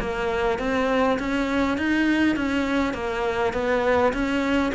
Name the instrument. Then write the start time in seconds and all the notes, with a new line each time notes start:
cello
0.00 A#3
0.59 C4
1.19 C#4
1.78 D#4
2.36 C#4
2.94 A#3
3.54 B3
4.13 C#4